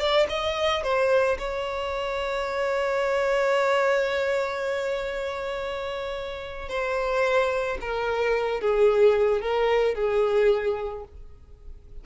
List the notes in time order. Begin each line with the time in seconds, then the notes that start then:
0.00 D5
0.30 D#5
0.84 C5
1.39 C#5
6.69 C5
7.81 A#4
8.61 G#4
9.42 A#4
9.95 G#4